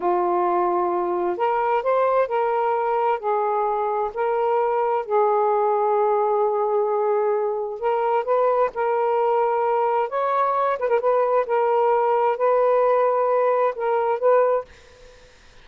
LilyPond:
\new Staff \with { instrumentName = "saxophone" } { \time 4/4 \tempo 4 = 131 f'2. ais'4 | c''4 ais'2 gis'4~ | gis'4 ais'2 gis'4~ | gis'1~ |
gis'4 ais'4 b'4 ais'4~ | ais'2 cis''4. b'16 ais'16 | b'4 ais'2 b'4~ | b'2 ais'4 b'4 | }